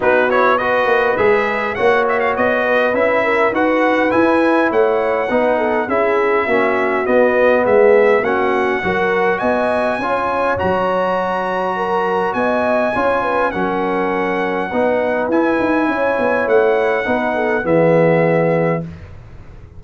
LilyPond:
<<
  \new Staff \with { instrumentName = "trumpet" } { \time 4/4 \tempo 4 = 102 b'8 cis''8 dis''4 e''4 fis''8 e''16 f''16 | dis''4 e''4 fis''4 gis''4 | fis''2 e''2 | dis''4 e''4 fis''2 |
gis''2 ais''2~ | ais''4 gis''2 fis''4~ | fis''2 gis''2 | fis''2 e''2 | }
  \new Staff \with { instrumentName = "horn" } { \time 4/4 fis'4 b'2 cis''4~ | cis''8 b'4 ais'8 b'2 | cis''4 b'8 a'8 gis'4 fis'4~ | fis'4 gis'4 fis'4 ais'4 |
dis''4 cis''2. | ais'4 dis''4 cis''8 b'8 ais'4~ | ais'4 b'2 cis''4~ | cis''4 b'8 a'8 gis'2 | }
  \new Staff \with { instrumentName = "trombone" } { \time 4/4 dis'8 e'8 fis'4 gis'4 fis'4~ | fis'4 e'4 fis'4 e'4~ | e'4 dis'4 e'4 cis'4 | b2 cis'4 fis'4~ |
fis'4 f'4 fis'2~ | fis'2 f'4 cis'4~ | cis'4 dis'4 e'2~ | e'4 dis'4 b2 | }
  \new Staff \with { instrumentName = "tuba" } { \time 4/4 b4. ais8 gis4 ais4 | b4 cis'4 dis'4 e'4 | a4 b4 cis'4 ais4 | b4 gis4 ais4 fis4 |
b4 cis'4 fis2~ | fis4 b4 cis'4 fis4~ | fis4 b4 e'8 dis'8 cis'8 b8 | a4 b4 e2 | }
>>